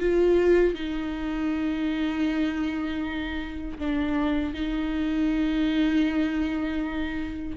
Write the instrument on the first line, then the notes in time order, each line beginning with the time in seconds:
viola
0.00 F4
0.75 D#4
3.78 D4
4.54 D#4